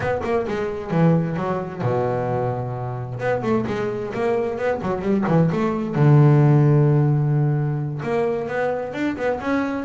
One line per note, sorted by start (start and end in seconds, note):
0.00 0.21 B3
0.23 0.46 A#3
0.47 0.90 G#3
0.90 1.36 E3
1.36 1.81 F#3
1.81 3.19 B2
3.19 3.42 B3
3.42 3.65 A3
3.67 4.13 G#3
4.13 4.57 A#3
4.57 4.80 B3
4.82 5.01 F#3
5.01 5.24 G3
5.27 5.50 E3
5.51 5.95 A3
5.95 8.01 D3
8.02 8.48 A#3
8.48 8.93 B3
8.93 9.16 D4
9.16 9.39 B3
9.40 9.84 C#4